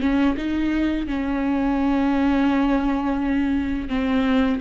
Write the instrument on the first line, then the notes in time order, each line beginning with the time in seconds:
viola
0.00 C#4
0.37 D#4
1.07 C#4
3.88 C4